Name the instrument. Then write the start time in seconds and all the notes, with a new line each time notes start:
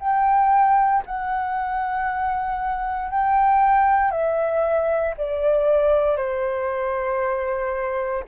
flute
0.00 G5
1.06 F#5
3.11 G5
4.11 E5
5.17 D5
6.17 C5